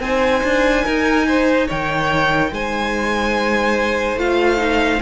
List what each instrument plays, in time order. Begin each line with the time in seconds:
0.00 cello C4, viola D#4, violin C5 G#5
0.43 cello D4
0.84 cello D#4, violin A#4
1.28 violin C5
1.67 cello D#3, violin C#5 G5
2.52 cello G#3, violin C5 G#5
4.16 cello A3, viola F4, violin F5
4.57 viola D#4